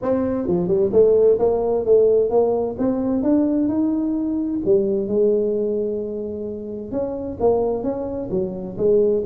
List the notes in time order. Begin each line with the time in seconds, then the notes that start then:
0.02 C4
0.47 F3
0.67 G3
0.92 A3
1.38 A#3
1.85 A3
2.30 A#3
2.78 C4
3.22 D4
3.68 D#4
4.65 G3
5.07 G#3
6.91 C#4
7.40 A#3
7.83 C#4
8.30 F#3
8.77 G#3